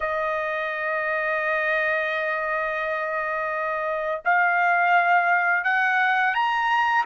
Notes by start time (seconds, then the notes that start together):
0.00 D#5
4.24 F5
5.64 F#5
6.34 A#5